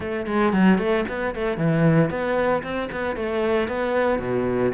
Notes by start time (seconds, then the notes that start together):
0.00 A3
0.26 G#3
0.53 F#3
0.78 A3
1.08 B3
1.34 A3
1.57 E3
2.10 B3
2.63 C4
2.91 B3
3.16 A3
3.68 B3
4.19 B2